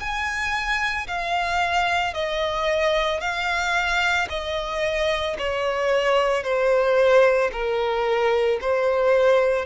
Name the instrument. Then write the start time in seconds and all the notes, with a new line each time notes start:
violin
0.00 G#5
1.08 F5
2.14 D#5
3.21 F5
4.30 D#5
5.39 C#5
6.43 C5
7.52 A#4
8.62 C5